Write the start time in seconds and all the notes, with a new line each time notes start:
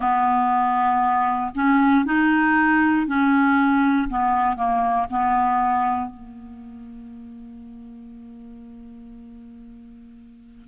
0.00 B3
1.54 C#4
2.05 D#4
3.06 C#4
4.09 B3
4.56 A#3
5.10 B3
6.10 A#3